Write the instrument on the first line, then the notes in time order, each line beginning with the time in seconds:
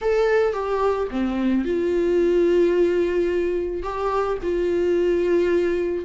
viola
0.01 A4
0.53 G4
1.10 C4
1.64 F4
3.82 G4
4.42 F4